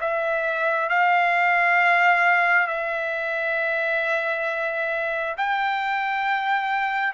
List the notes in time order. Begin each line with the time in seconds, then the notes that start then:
0.00 E5
0.89 F5
2.67 E5
5.37 G5